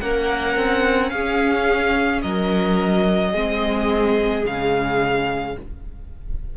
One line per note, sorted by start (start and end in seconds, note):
0.00 0.56 A#3
0.00 3.34 C#4
0.00 1.11 A#4
0.00 1.10 F#5
0.56 1.11 C4
1.10 2.22 C#4
1.10 2.22 G#4
1.10 2.21 F5
2.22 3.33 F#3
2.22 3.30 A#4
2.22 4.44 D#5
3.30 4.44 G#3
3.30 4.44 C4
3.30 5.52 G#4
4.44 5.56 C#3
4.44 5.55 G#3
4.44 5.57 F5